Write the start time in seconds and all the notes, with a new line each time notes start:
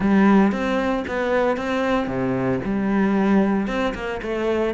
0.00 G3
0.51 C4
1.07 B3
1.56 C4
2.07 C3
2.64 G3
3.67 C4
3.94 A#3
4.22 A3